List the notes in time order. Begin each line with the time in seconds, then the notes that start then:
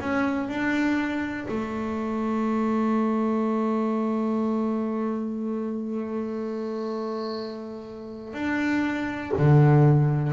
0.00 C#4
0.49 D4
1.48 A3
8.33 D4
9.38 D3